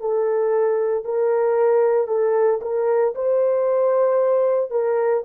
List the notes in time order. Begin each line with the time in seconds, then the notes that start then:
0.00 A4
1.04 A#4
2.07 A4
2.61 A#4
3.15 C5
4.70 A#4